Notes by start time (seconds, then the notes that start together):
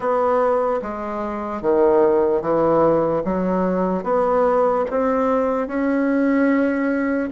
0.00 B3
0.81 G#3
1.61 D#3
2.41 E3
3.24 F#3
4.03 B3
4.90 C4
5.67 C#4